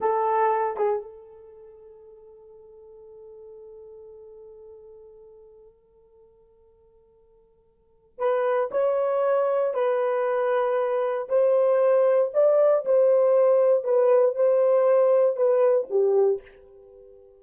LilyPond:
\new Staff \with { instrumentName = "horn" } { \time 4/4 \tempo 4 = 117 a'4. gis'8 a'2~ | a'1~ | a'1~ | a'1 |
b'4 cis''2 b'4~ | b'2 c''2 | d''4 c''2 b'4 | c''2 b'4 g'4 | }